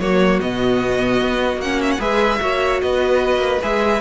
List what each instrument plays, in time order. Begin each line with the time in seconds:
0.00 cello F#3, viola A#3, violin F#4 C#5
0.41 cello B2, viola B3, violin D#5
1.21 cello B3
1.58 cello A#3, violin F#5
1.64 viola C#4
1.82 violin E5
1.92 violin F#5
1.99 cello G#3, viola G#4, violin B4 E5
2.42 cello A#3, viola F#4, violin C#5
2.82 cello B3, violin B4 D#5
3.38 cello A#3
3.62 cello G#3, viola G#4, violin E5